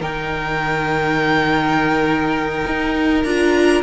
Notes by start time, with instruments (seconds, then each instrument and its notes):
0.00 cello D#3, viola D#4, violin A#4 G5
2.67 cello D#4
3.23 cello D4, viola F4, violin A#5